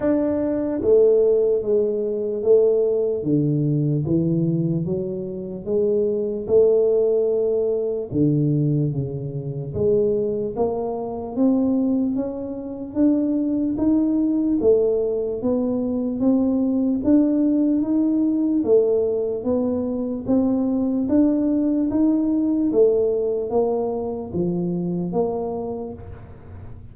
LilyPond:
\new Staff \with { instrumentName = "tuba" } { \time 4/4 \tempo 4 = 74 d'4 a4 gis4 a4 | d4 e4 fis4 gis4 | a2 d4 cis4 | gis4 ais4 c'4 cis'4 |
d'4 dis'4 a4 b4 | c'4 d'4 dis'4 a4 | b4 c'4 d'4 dis'4 | a4 ais4 f4 ais4 | }